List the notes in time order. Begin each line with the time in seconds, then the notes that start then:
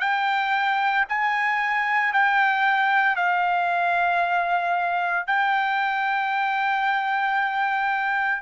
0.00 G5
1.09 G#5
2.13 G5
3.16 F5
5.27 G5